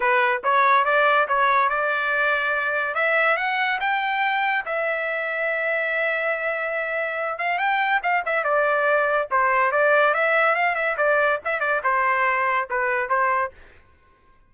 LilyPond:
\new Staff \with { instrumentName = "trumpet" } { \time 4/4 \tempo 4 = 142 b'4 cis''4 d''4 cis''4 | d''2. e''4 | fis''4 g''2 e''4~ | e''1~ |
e''4. f''8 g''4 f''8 e''8 | d''2 c''4 d''4 | e''4 f''8 e''8 d''4 e''8 d''8 | c''2 b'4 c''4 | }